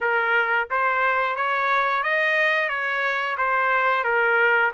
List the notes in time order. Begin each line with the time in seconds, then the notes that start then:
0.00 A#4
0.70 C5
1.36 C#5
2.03 D#5
2.68 C#5
3.37 C5
4.04 A#4